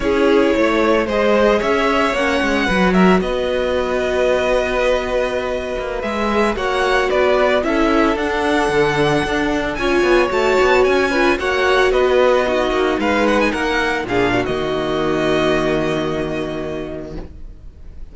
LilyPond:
<<
  \new Staff \with { instrumentName = "violin" } { \time 4/4 \tempo 4 = 112 cis''2 dis''4 e''4 | fis''4. e''8 dis''2~ | dis''2.~ dis''16 e''8.~ | e''16 fis''4 d''4 e''4 fis''8.~ |
fis''2~ fis''16 gis''4 a''8.~ | a''16 gis''4 fis''4 dis''4.~ dis''16~ | dis''16 f''8 fis''16 gis''16 fis''4 f''8. dis''4~ | dis''1 | }
  \new Staff \with { instrumentName = "violin" } { \time 4/4 gis'4 cis''4 c''4 cis''4~ | cis''4 b'8 ais'8 b'2~ | b'1~ | b'16 cis''4 b'4 a'4.~ a'16~ |
a'2~ a'16 cis''4.~ cis''16~ | cis''8. b'8 cis''4 b'4 fis'8.~ | fis'16 b'4 ais'4 gis'8 fis'4~ fis'16~ | fis'1 | }
  \new Staff \with { instrumentName = "viola" } { \time 4/4 e'2 gis'2 | cis'4 fis'2.~ | fis'2.~ fis'16 gis'8.~ | gis'16 fis'2 e'4 d'8.~ |
d'2~ d'16 f'4 fis'8.~ | fis'8. f'8 fis'2 dis'8.~ | dis'2~ dis'16 d'8. ais4~ | ais1 | }
  \new Staff \with { instrumentName = "cello" } { \time 4/4 cis'4 a4 gis4 cis'4 | ais8 gis8 fis4 b2~ | b2~ b8. ais8 gis8.~ | gis16 ais4 b4 cis'4 d'8.~ |
d'16 d4 d'4 cis'8 b8 a8 b16~ | b16 cis'4 ais4 b4. ais16~ | ais16 gis4 ais4 ais,8. dis4~ | dis1 | }
>>